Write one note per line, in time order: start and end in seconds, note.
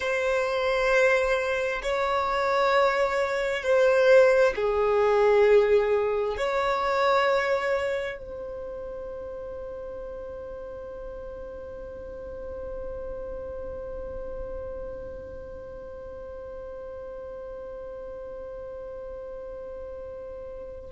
0.00 1.81 C5
1.82 3.63 C#5
3.63 4.54 C5
4.55 6.37 G#4
6.37 8.18 C#5
8.18 20.90 C5